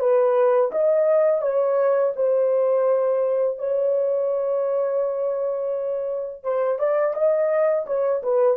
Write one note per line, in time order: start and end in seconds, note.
0.00 0.71 B4
0.72 1.42 D#5
1.42 2.14 C#5
2.17 3.59 C5
3.59 6.44 C#5
6.44 6.79 C5
6.80 7.15 D5
7.15 7.86 D#5
7.87 8.22 C#5
8.23 8.58 B4